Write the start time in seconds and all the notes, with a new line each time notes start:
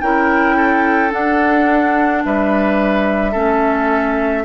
0.00 C#4 E4 A#4 G5
0.56 A4
1.10 D4 F#5
2.25 G3 B4 E5
3.31 A3 C#4 A4